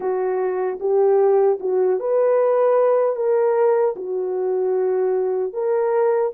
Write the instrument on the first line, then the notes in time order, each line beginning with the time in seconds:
horn
0.00 F#4
0.80 G4
1.60 F#4
1.99 B4
3.16 A#4
3.96 F#4
5.53 A#4